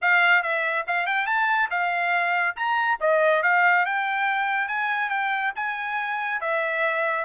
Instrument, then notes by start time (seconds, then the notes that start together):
trumpet
0.01 F5
0.42 E5
0.87 F5
1.06 G5
1.26 A5
1.70 F5
2.56 A#5
3.00 D#5
3.43 F5
3.85 G5
4.68 G#5
5.09 G5
5.55 G#5
6.40 E5